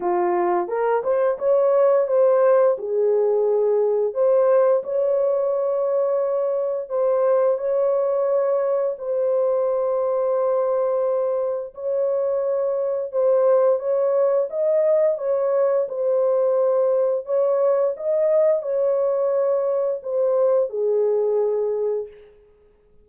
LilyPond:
\new Staff \with { instrumentName = "horn" } { \time 4/4 \tempo 4 = 87 f'4 ais'8 c''8 cis''4 c''4 | gis'2 c''4 cis''4~ | cis''2 c''4 cis''4~ | cis''4 c''2.~ |
c''4 cis''2 c''4 | cis''4 dis''4 cis''4 c''4~ | c''4 cis''4 dis''4 cis''4~ | cis''4 c''4 gis'2 | }